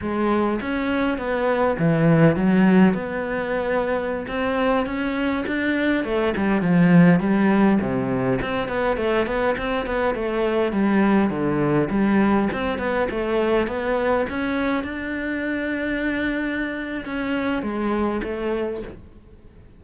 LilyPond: \new Staff \with { instrumentName = "cello" } { \time 4/4 \tempo 4 = 102 gis4 cis'4 b4 e4 | fis4 b2~ b16 c'8.~ | c'16 cis'4 d'4 a8 g8 f8.~ | f16 g4 c4 c'8 b8 a8 b16~ |
b16 c'8 b8 a4 g4 d8.~ | d16 g4 c'8 b8 a4 b8.~ | b16 cis'4 d'2~ d'8.~ | d'4 cis'4 gis4 a4 | }